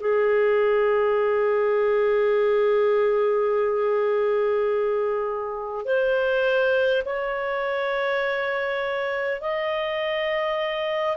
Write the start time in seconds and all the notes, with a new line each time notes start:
0.00 G#4
5.84 C5
7.05 C#5
9.40 D#5